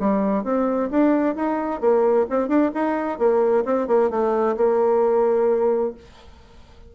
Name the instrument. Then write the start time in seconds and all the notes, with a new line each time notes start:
bassoon
0.00 G3
0.44 C4
0.91 D4
1.36 D#4
1.81 A#3
2.30 C4
2.49 D4
2.74 D#4
3.19 A#3
3.65 C4
3.88 A#3
4.11 A3
4.57 A#3